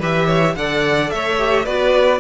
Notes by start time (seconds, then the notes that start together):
0.00 E3 G4 B4 E5
0.27 C#5
0.56 D3 A4 D5 F#5
1.10 A3 C#5 E5
1.38 G4
1.65 B3 F#4 B4 D5